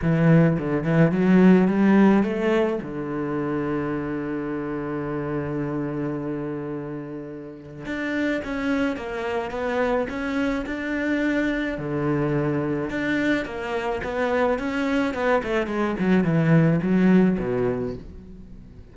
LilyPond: \new Staff \with { instrumentName = "cello" } { \time 4/4 \tempo 4 = 107 e4 d8 e8 fis4 g4 | a4 d2.~ | d1~ | d2 d'4 cis'4 |
ais4 b4 cis'4 d'4~ | d'4 d2 d'4 | ais4 b4 cis'4 b8 a8 | gis8 fis8 e4 fis4 b,4 | }